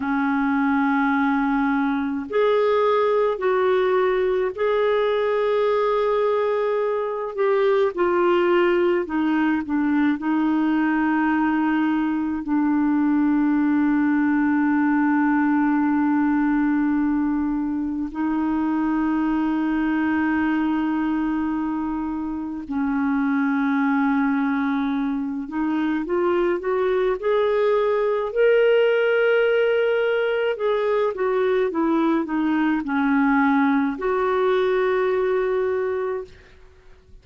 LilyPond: \new Staff \with { instrumentName = "clarinet" } { \time 4/4 \tempo 4 = 53 cis'2 gis'4 fis'4 | gis'2~ gis'8 g'8 f'4 | dis'8 d'8 dis'2 d'4~ | d'1 |
dis'1 | cis'2~ cis'8 dis'8 f'8 fis'8 | gis'4 ais'2 gis'8 fis'8 | e'8 dis'8 cis'4 fis'2 | }